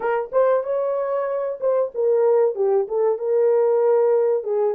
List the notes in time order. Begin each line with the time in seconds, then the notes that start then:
0.00 A#4
0.32 C5
0.63 C#5
1.60 C5
1.94 A#4
2.55 G4
2.88 A4
3.18 A#4
4.43 G#4